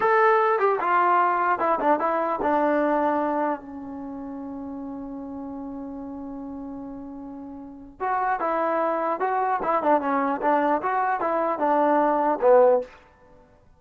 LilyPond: \new Staff \with { instrumentName = "trombone" } { \time 4/4 \tempo 4 = 150 a'4. g'8 f'2 | e'8 d'8 e'4 d'2~ | d'4 cis'2.~ | cis'1~ |
cis'1 | fis'4 e'2 fis'4 | e'8 d'8 cis'4 d'4 fis'4 | e'4 d'2 b4 | }